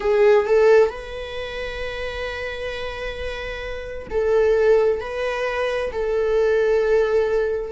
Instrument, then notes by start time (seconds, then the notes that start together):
viola
0.00 G#4
0.45 A4
0.89 B4
4.10 A4
5.00 B4
5.92 A4